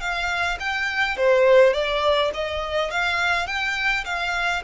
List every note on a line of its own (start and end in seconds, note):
0.00 0.58 F5
0.60 1.17 G5
1.17 1.73 C5
1.73 2.31 D5
2.34 2.90 D#5
2.90 3.47 F5
3.47 4.04 G5
4.05 4.62 F5